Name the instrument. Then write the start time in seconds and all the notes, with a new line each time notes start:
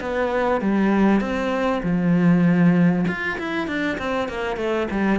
cello
0.00 B3
0.61 G3
1.21 C4
1.83 F3
3.08 F4
3.38 E4
3.67 D4
3.98 C4
4.29 A#3
4.57 A3
4.91 G3